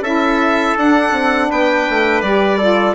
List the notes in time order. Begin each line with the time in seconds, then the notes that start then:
0.00 C#4 E4 A4 E5
0.77 D4 F#5
1.12 C4
1.50 B3 B4 G5
1.90 A3
2.21 G3 G4 D5
2.58 F4 A4